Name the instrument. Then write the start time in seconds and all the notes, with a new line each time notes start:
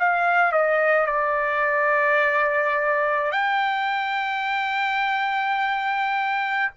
trumpet
0.00 F5
0.52 D#5
1.07 D5
3.32 G5